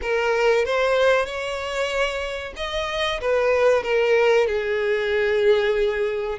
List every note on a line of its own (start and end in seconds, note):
0.01 0.65 A#4
0.65 1.25 C5
1.25 2.53 C#5
2.56 3.20 D#5
3.20 3.83 B4
3.83 4.47 A#4
4.47 6.38 G#4